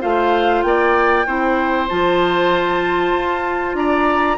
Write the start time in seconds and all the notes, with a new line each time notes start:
0.00 A3 F4 C5 F5
0.62 A#3 D5 G5
1.26 C4 E4 C5
1.88 F3 F4 A5
3.12 F4
3.74 D4 D5 A#5